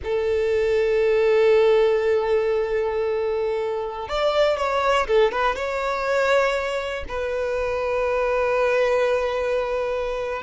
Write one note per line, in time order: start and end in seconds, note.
0.04 4.08 A4
4.08 4.57 D5
4.57 5.06 C#5
5.07 5.31 A4
5.31 5.55 B4
5.55 7.04 C#5
7.08 10.42 B4